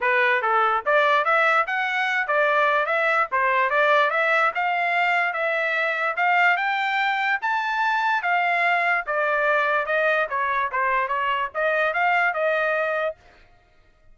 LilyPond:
\new Staff \with { instrumentName = "trumpet" } { \time 4/4 \tempo 4 = 146 b'4 a'4 d''4 e''4 | fis''4. d''4. e''4 | c''4 d''4 e''4 f''4~ | f''4 e''2 f''4 |
g''2 a''2 | f''2 d''2 | dis''4 cis''4 c''4 cis''4 | dis''4 f''4 dis''2 | }